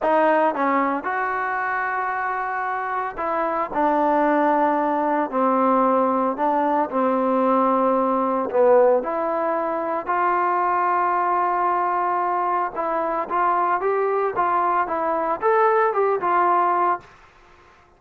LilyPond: \new Staff \with { instrumentName = "trombone" } { \time 4/4 \tempo 4 = 113 dis'4 cis'4 fis'2~ | fis'2 e'4 d'4~ | d'2 c'2 | d'4 c'2. |
b4 e'2 f'4~ | f'1 | e'4 f'4 g'4 f'4 | e'4 a'4 g'8 f'4. | }